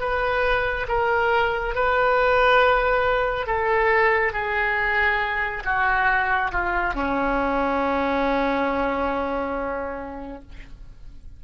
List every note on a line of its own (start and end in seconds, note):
0.00 0.87 B4
0.88 1.75 A#4
1.75 3.47 B4
3.47 4.33 A4
4.33 5.64 G#4
5.65 6.52 F#4
6.52 6.94 F4
6.94 10.42 C#4